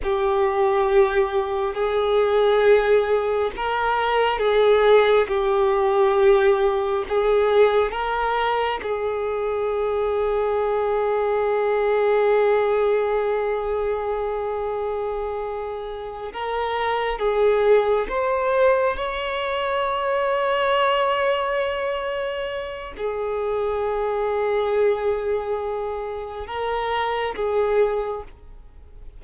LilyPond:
\new Staff \with { instrumentName = "violin" } { \time 4/4 \tempo 4 = 68 g'2 gis'2 | ais'4 gis'4 g'2 | gis'4 ais'4 gis'2~ | gis'1~ |
gis'2~ gis'8 ais'4 gis'8~ | gis'8 c''4 cis''2~ cis''8~ | cis''2 gis'2~ | gis'2 ais'4 gis'4 | }